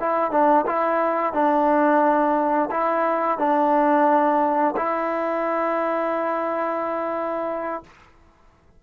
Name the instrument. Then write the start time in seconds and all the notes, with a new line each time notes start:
trombone
0.00 E4
0.31 D4
0.67 E4
1.33 D4
2.71 E4
3.38 D4
4.76 E4